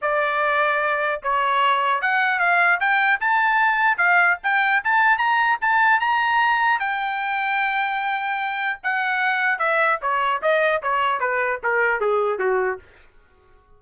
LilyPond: \new Staff \with { instrumentName = "trumpet" } { \time 4/4 \tempo 4 = 150 d''2. cis''4~ | cis''4 fis''4 f''4 g''4 | a''2 f''4 g''4 | a''4 ais''4 a''4 ais''4~ |
ais''4 g''2.~ | g''2 fis''2 | e''4 cis''4 dis''4 cis''4 | b'4 ais'4 gis'4 fis'4 | }